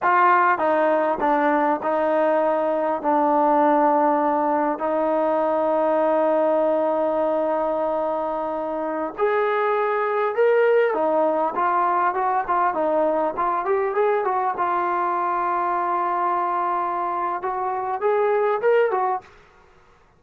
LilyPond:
\new Staff \with { instrumentName = "trombone" } { \time 4/4 \tempo 4 = 100 f'4 dis'4 d'4 dis'4~ | dis'4 d'2. | dis'1~ | dis'2.~ dis'16 gis'8.~ |
gis'4~ gis'16 ais'4 dis'4 f'8.~ | f'16 fis'8 f'8 dis'4 f'8 g'8 gis'8 fis'16~ | fis'16 f'2.~ f'8.~ | f'4 fis'4 gis'4 ais'8 fis'8 | }